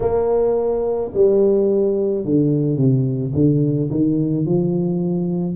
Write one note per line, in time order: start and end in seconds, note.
0.00 1.11 A#3
1.14 2.24 G3
2.24 2.76 D3
2.76 3.32 C3
3.34 3.89 D3
3.90 4.45 D#3
4.45 5.56 F3